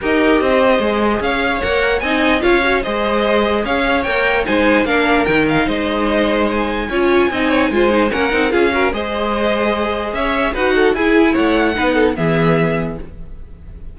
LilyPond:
<<
  \new Staff \with { instrumentName = "violin" } { \time 4/4 \tempo 4 = 148 dis''2. f''4 | fis''4 gis''4 f''4 dis''4~ | dis''4 f''4 g''4 gis''4 | f''4 g''8 f''8 dis''2 |
gis''1 | fis''4 f''4 dis''2~ | dis''4 e''4 fis''4 gis''4 | fis''2 e''2 | }
  \new Staff \with { instrumentName = "violin" } { \time 4/4 ais'4 c''2 cis''4~ | cis''4 dis''4 cis''4 c''4~ | c''4 cis''2 c''4 | ais'2 c''2~ |
c''4 cis''4 dis''8 cis''8 c''4 | ais'4 gis'8 ais'8 c''2~ | c''4 cis''4 b'8 a'8 gis'4 | cis''4 b'8 a'8 gis'2 | }
  \new Staff \with { instrumentName = "viola" } { \time 4/4 g'2 gis'2 | ais'4 dis'4 f'8 fis'8 gis'4~ | gis'2 ais'4 dis'4 | d'4 dis'2.~ |
dis'4 f'4 dis'4 f'8 dis'8 | cis'8 dis'8 f'8 fis'8 gis'2~ | gis'2 fis'4 e'4~ | e'4 dis'4 b2 | }
  \new Staff \with { instrumentName = "cello" } { \time 4/4 dis'4 c'4 gis4 cis'4 | ais4 c'4 cis'4 gis4~ | gis4 cis'4 ais4 gis4 | ais4 dis4 gis2~ |
gis4 cis'4 c'4 gis4 | ais8 c'8 cis'4 gis2~ | gis4 cis'4 dis'4 e'4 | a4 b4 e2 | }
>>